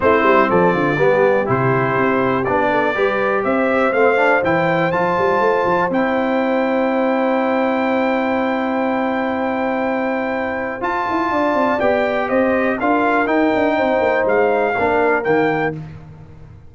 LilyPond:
<<
  \new Staff \with { instrumentName = "trumpet" } { \time 4/4 \tempo 4 = 122 c''4 d''2 c''4~ | c''4 d''2 e''4 | f''4 g''4 a''2 | g''1~ |
g''1~ | g''2 a''2 | g''4 dis''4 f''4 g''4~ | g''4 f''2 g''4 | }
  \new Staff \with { instrumentName = "horn" } { \time 4/4 e'4 a'8 f'8 g'2~ | g'4. a'8 b'4 c''4~ | c''1~ | c''1~ |
c''1~ | c''2. d''4~ | d''4 c''4 ais'2 | c''2 ais'2 | }
  \new Staff \with { instrumentName = "trombone" } { \time 4/4 c'2 b4 e'4~ | e'4 d'4 g'2 | c'8 d'8 e'4 f'2 | e'1~ |
e'1~ | e'2 f'2 | g'2 f'4 dis'4~ | dis'2 d'4 ais4 | }
  \new Staff \with { instrumentName = "tuba" } { \time 4/4 a8 g8 f8 d8 g4 c4 | c'4 b4 g4 c'4 | a4 e4 f8 g8 a8 f8 | c'1~ |
c'1~ | c'2 f'8 e'8 d'8 c'8 | b4 c'4 d'4 dis'8 d'8 | c'8 ais8 gis4 ais4 dis4 | }
>>